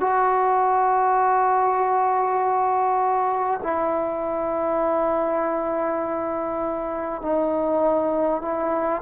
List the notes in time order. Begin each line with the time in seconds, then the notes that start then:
0.00 F#4
3.63 E4
7.21 D#4
8.42 E4